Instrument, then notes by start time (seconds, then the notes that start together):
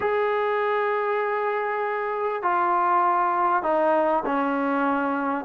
trombone
0.00 G#4
2.42 F4
3.63 D#4
4.25 C#4